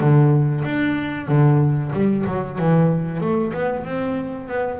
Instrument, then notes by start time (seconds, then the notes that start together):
double bass
0.00 D3
0.64 D4
1.28 D3
1.93 G3
2.27 F#3
2.59 E3
3.21 A3
3.53 B3
3.85 C4
4.48 B3